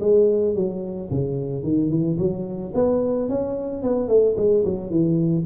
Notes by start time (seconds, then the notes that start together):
0.00 G#3
0.55 F#3
1.10 C#3
1.63 D#3
1.90 E3
2.18 F#3
2.74 B3
3.29 C#4
3.82 B3
4.08 A3
4.37 G#3
4.65 F#3
4.90 E3